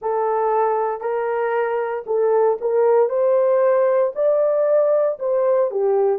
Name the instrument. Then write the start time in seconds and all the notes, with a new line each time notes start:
horn
0.01 A4
1.00 A#4
2.06 A4
2.61 A#4
3.09 C5
4.15 D5
5.19 C5
5.70 G4